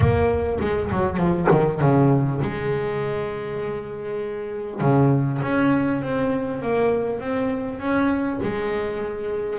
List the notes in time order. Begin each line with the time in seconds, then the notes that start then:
0.00 A#3
0.60 G#3
0.91 F#3
1.17 F3
1.50 D#3
1.80 C#3
2.41 G#3
4.80 C#3
5.42 C#4
6.02 C4
6.62 A#3
7.20 C4
7.79 C#4
8.42 G#3